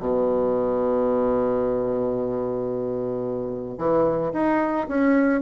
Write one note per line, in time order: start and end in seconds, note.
0.00 3.78 B2
3.78 4.33 E3
4.33 4.88 D#4
4.88 5.42 C#4